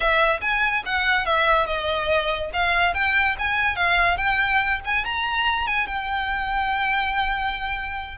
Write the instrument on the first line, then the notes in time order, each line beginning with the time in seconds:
violin
0.00 E5
0.41 G#5
0.85 F#5
1.25 E5
1.66 D#5
2.53 F5
2.94 G5
3.39 G#5
3.76 F5
4.17 G5
4.85 G#5
5.04 A#5
5.66 G#5
5.86 G5